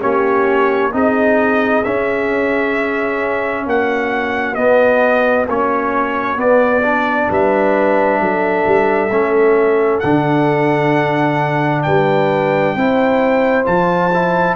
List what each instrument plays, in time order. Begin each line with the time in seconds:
0.00 tuba A#3, trombone C#4, horn G4, trumpet C#5
0.93 tuba C4, trombone D#4, horn G#4, trumpet D#5
1.84 tuba C#4, trombone C#4, trumpet E5
3.66 tuba A#3, horn F#4, trumpet F#5
4.55 tuba B3, trombone B3, trumpet D#5
5.48 tuba A#3, trombone C#4, trumpet C#5
6.36 trombone B3, tuba B3, trumpet D5
6.82 trombone D4
7.30 tuba G3, horn B4, trumpet E5
8.20 tuba F#3, horn A4
8.66 tuba G3
9.10 tuba A3, trombone C#4
10.00 tuba D3, trombone D4, trumpet F#5
11.83 tuba G3, horn B4, trumpet G5
12.75 tuba C4, trombone E4, horn C5
13.64 tuba F3, trombone F4, trumpet A5
14.13 trombone E4